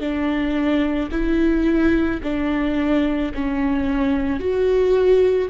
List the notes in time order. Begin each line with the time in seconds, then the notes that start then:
0.00 D4
1.11 E4
2.23 D4
3.34 C#4
4.40 F#4